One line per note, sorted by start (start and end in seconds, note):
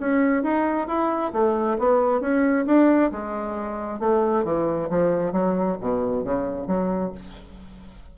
0.00 0.43 C#4
0.43 0.88 D#4
0.88 1.32 E4
1.33 1.78 A3
1.78 2.21 B3
2.21 2.66 C#4
2.66 3.11 D4
3.11 4.00 G#3
4.00 4.44 A3
4.44 4.89 E3
4.90 5.32 F3
5.32 5.77 F#3
5.81 6.24 B2
6.24 6.67 C#3
6.67 7.12 F#3